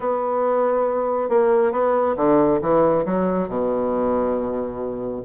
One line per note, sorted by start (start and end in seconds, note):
0.00 1.29 B3
1.29 1.72 A#3
1.72 2.15 B3
2.16 2.60 D3
2.61 3.04 E3
3.05 3.48 F#3
3.48 5.22 B2